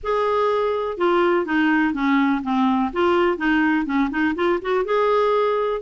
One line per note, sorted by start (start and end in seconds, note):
0.03 0.97 G#4
0.97 1.45 F4
1.45 1.93 D#4
1.93 2.42 C#4
2.43 2.91 C4
2.93 3.37 F4
3.37 3.85 D#4
3.85 4.09 C#4
4.10 4.34 D#4
4.35 4.59 F4
4.61 4.84 F#4
4.84 5.81 G#4